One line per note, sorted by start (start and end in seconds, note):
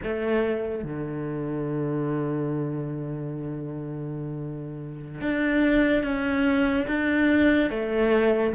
0.03 0.83 A3
0.83 5.21 D3
5.21 6.03 D4
6.03 6.86 C#4
6.87 7.70 D4
7.70 8.53 A3